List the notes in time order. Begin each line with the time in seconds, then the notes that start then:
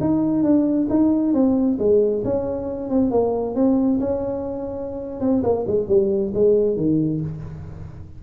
0.00 D#4
0.43 D4
0.89 D#4
1.33 C4
1.78 G#3
2.24 C#4
2.89 C4
3.10 A#3
3.55 C4
4.00 C#4
5.20 C4
5.43 A#3
5.67 G#3
5.87 G3
6.34 G#3
6.76 D#3